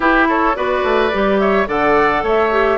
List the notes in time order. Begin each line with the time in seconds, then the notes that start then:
0.00 E4 G4 B4
0.28 A4 C#5
0.54 B3 F#4 B4 D5
0.83 A3
1.12 G3 G4
1.39 C#5 E5
1.66 D3 A4 D5 F#5
2.22 A3 C#5 E5
2.51 G4